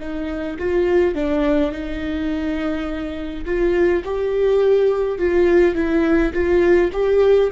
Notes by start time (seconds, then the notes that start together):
0.00 D#4
0.59 F4
1.15 D4
1.72 D#4
3.46 F4
4.04 G4
5.19 F4
5.75 E4
6.33 F4
6.93 G4